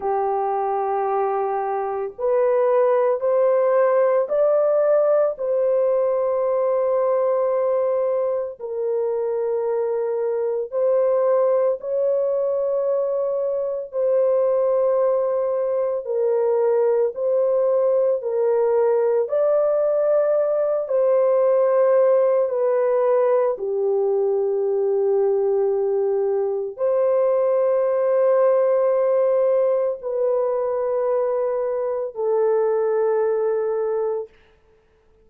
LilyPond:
\new Staff \with { instrumentName = "horn" } { \time 4/4 \tempo 4 = 56 g'2 b'4 c''4 | d''4 c''2. | ais'2 c''4 cis''4~ | cis''4 c''2 ais'4 |
c''4 ais'4 d''4. c''8~ | c''4 b'4 g'2~ | g'4 c''2. | b'2 a'2 | }